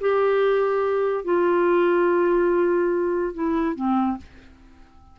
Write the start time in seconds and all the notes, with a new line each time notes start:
0.00 G4
1.24 F4
3.33 E4
3.75 C4